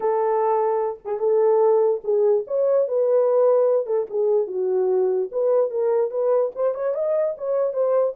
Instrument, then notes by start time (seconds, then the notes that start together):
horn
0.00 A4
1.04 G#4
1.19 A4
2.04 G#4
2.47 C#5
2.88 B4
3.86 A4
4.09 G#4
4.47 F#4
5.31 B4
5.70 A#4
6.10 B4
6.55 C5
6.74 C#5
6.94 D#5
7.37 C#5
7.73 C5